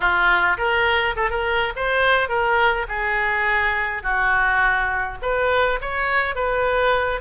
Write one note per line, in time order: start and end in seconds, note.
0.00 0.57 F4
0.57 1.15 A#4
1.16 1.30 A4
1.30 1.73 A#4
1.76 2.28 C5
2.28 2.86 A#4
2.88 4.02 G#4
4.02 5.18 F#4
5.22 5.79 B4
5.81 6.35 C#5
6.35 7.21 B4